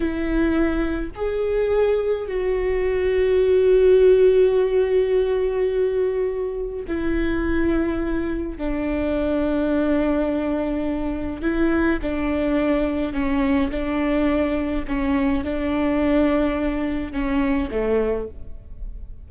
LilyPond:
\new Staff \with { instrumentName = "viola" } { \time 4/4 \tempo 4 = 105 e'2 gis'2 | fis'1~ | fis'1 | e'2. d'4~ |
d'1 | e'4 d'2 cis'4 | d'2 cis'4 d'4~ | d'2 cis'4 a4 | }